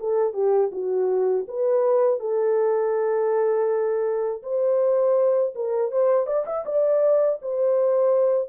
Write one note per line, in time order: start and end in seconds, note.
0.00 0.34 A4
0.34 0.71 G4
0.72 1.46 F#4
1.48 2.20 B4
2.20 4.42 A4
4.43 5.54 C5
5.55 5.91 A#4
5.91 6.27 C5
6.27 6.45 D5
6.46 6.65 E5
6.65 7.39 D5
7.42 8.49 C5